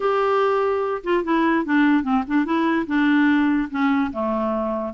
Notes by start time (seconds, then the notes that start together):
0.00 G4
1.03 F4
1.24 E4
1.65 D4
2.03 C4
2.27 D4
2.45 E4
2.86 D4
3.70 C#4
4.12 A3